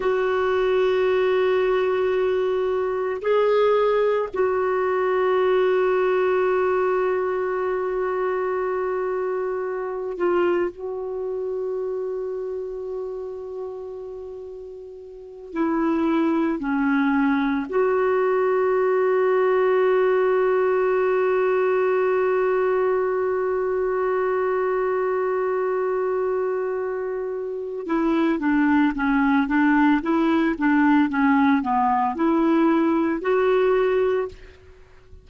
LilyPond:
\new Staff \with { instrumentName = "clarinet" } { \time 4/4 \tempo 4 = 56 fis'2. gis'4 | fis'1~ | fis'4. f'8 fis'2~ | fis'2~ fis'8 e'4 cis'8~ |
cis'8 fis'2.~ fis'8~ | fis'1~ | fis'2 e'8 d'8 cis'8 d'8 | e'8 d'8 cis'8 b8 e'4 fis'4 | }